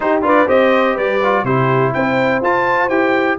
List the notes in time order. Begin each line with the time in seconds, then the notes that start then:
0.00 D#4 G4 C5
0.21 D4 F4 B4 D5
0.47 C4 G4 C5 D#5
0.94 G3 B4 D5
1.23 F4
1.43 C3 E4 G4 C5
1.93 C4 C5 G5
2.41 F4 A5
2.89 E4 G4 G5